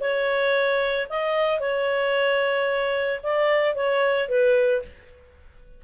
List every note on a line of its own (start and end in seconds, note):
0.00 1.07 C#5
1.09 1.60 D#5
1.60 3.20 C#5
3.23 3.75 D5
3.75 4.28 C#5
4.28 4.82 B4